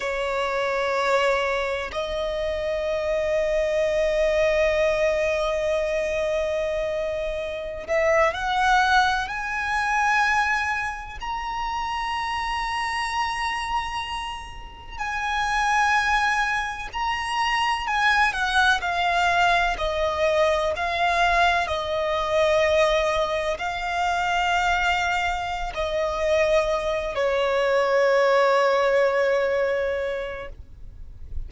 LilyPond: \new Staff \with { instrumentName = "violin" } { \time 4/4 \tempo 4 = 63 cis''2 dis''2~ | dis''1~ | dis''16 e''8 fis''4 gis''2 ais''16~ | ais''2.~ ais''8. gis''16~ |
gis''4.~ gis''16 ais''4 gis''8 fis''8 f''16~ | f''8. dis''4 f''4 dis''4~ dis''16~ | dis''8. f''2~ f''16 dis''4~ | dis''8 cis''2.~ cis''8 | }